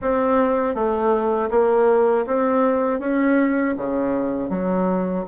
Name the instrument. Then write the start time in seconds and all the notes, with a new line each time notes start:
bassoon
0.01 C4
0.74 A3
1.50 A#3
2.26 C4
2.99 C#4
3.76 C#3
4.49 F#3